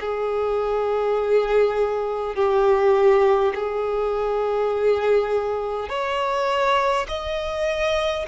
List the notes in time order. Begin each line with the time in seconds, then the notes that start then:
0.00 G#4
2.35 G4
3.54 G#4
5.89 C#5
7.08 D#5